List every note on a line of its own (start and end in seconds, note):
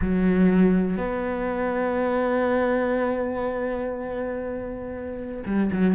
0.01 0.97 F#3
0.97 5.43 B3
5.45 5.70 G3
5.72 5.94 F#3